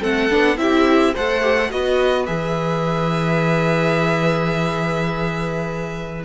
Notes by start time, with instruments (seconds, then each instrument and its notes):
0.00 cello A3, viola C4, violin A4 F#5
0.30 cello B3, viola D4
0.57 cello C4, viola E4, violin G4 E5
1.14 cello A3, viola A4, violin C5 F#5
1.43 viola G4
1.57 viola A4
1.70 cello B3, viola F#4, violin B4 D#5
2.26 cello E3, viola G#4, violin E5